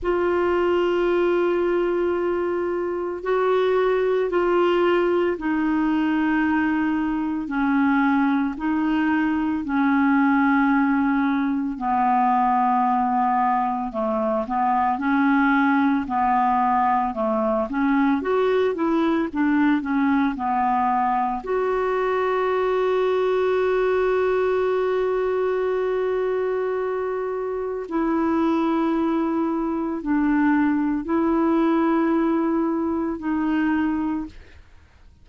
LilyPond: \new Staff \with { instrumentName = "clarinet" } { \time 4/4 \tempo 4 = 56 f'2. fis'4 | f'4 dis'2 cis'4 | dis'4 cis'2 b4~ | b4 a8 b8 cis'4 b4 |
a8 cis'8 fis'8 e'8 d'8 cis'8 b4 | fis'1~ | fis'2 e'2 | d'4 e'2 dis'4 | }